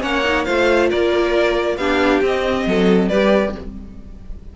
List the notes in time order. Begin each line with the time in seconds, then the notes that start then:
0.00 A#3 C#4 C#5 F#5
0.24 D#4
0.44 A3 F4 C5 F5
0.90 A#3 A#4 D5
1.77 B3 D4 G4 F5
2.21 C4 D#5
2.66 F#3 A4
3.08 G3 G4 B4 D5